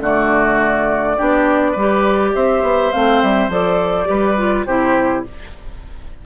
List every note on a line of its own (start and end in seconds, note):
0.00 1.17 D3
0.00 1.18 A3
0.00 1.17 F#4
0.00 2.35 D5
1.17 1.76 B3
1.17 1.76 D4
1.17 1.72 G4
1.72 2.34 G3
1.72 2.30 B4
1.79 2.93 G4
2.35 2.62 C4
2.35 4.09 C5
2.35 2.92 E5
2.62 2.91 B3
2.92 3.23 A3
2.92 3.51 C4
2.92 3.21 F5
3.21 3.48 G3
3.21 3.50 E5
3.48 4.07 F3
3.48 4.05 A4
3.48 4.66 D5
4.05 4.66 G3
4.05 4.34 G4
4.05 4.67 B4
4.37 4.66 F4
4.66 5.24 C3
4.66 5.25 E4
4.66 5.25 G4
4.66 5.24 C5